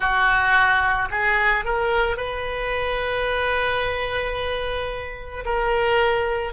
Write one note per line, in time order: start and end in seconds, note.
0.00 1.09 F#4
1.10 1.64 G#4
1.64 2.17 A#4
2.17 5.44 B4
5.45 6.52 A#4